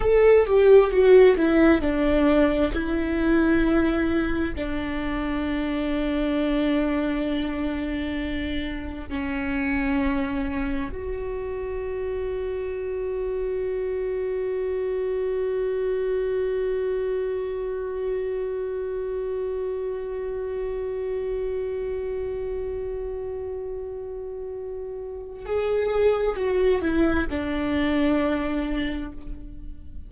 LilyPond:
\new Staff \with { instrumentName = "viola" } { \time 4/4 \tempo 4 = 66 a'8 g'8 fis'8 e'8 d'4 e'4~ | e'4 d'2.~ | d'2 cis'2 | fis'1~ |
fis'1~ | fis'1~ | fis'1 | gis'4 fis'8 e'8 d'2 | }